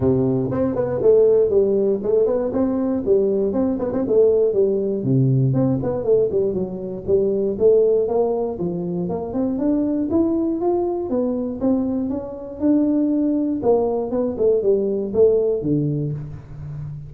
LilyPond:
\new Staff \with { instrumentName = "tuba" } { \time 4/4 \tempo 4 = 119 c4 c'8 b8 a4 g4 | a8 b8 c'4 g4 c'8 b16 c'16 | a4 g4 c4 c'8 b8 | a8 g8 fis4 g4 a4 |
ais4 f4 ais8 c'8 d'4 | e'4 f'4 b4 c'4 | cis'4 d'2 ais4 | b8 a8 g4 a4 d4 | }